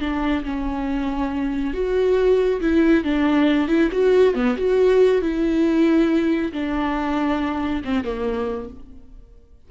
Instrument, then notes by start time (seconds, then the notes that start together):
viola
0.00 D4
0.44 C#4
1.74 F#4
2.61 E4
3.04 D4
3.68 E4
3.92 F#4
4.34 B3
4.57 F#4
5.22 E4
6.52 D4
7.85 C4
8.04 A#3